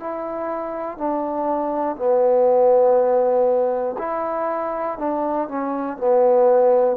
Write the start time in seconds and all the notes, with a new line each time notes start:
0.00 E4
0.98 D4
1.97 B3
3.98 E4
4.99 D4
5.48 C#4
5.98 B3